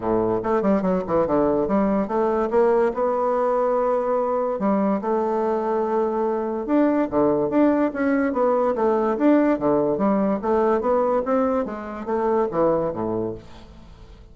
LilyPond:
\new Staff \with { instrumentName = "bassoon" } { \time 4/4 \tempo 4 = 144 a,4 a8 g8 fis8 e8 d4 | g4 a4 ais4 b4~ | b2. g4 | a1 |
d'4 d4 d'4 cis'4 | b4 a4 d'4 d4 | g4 a4 b4 c'4 | gis4 a4 e4 a,4 | }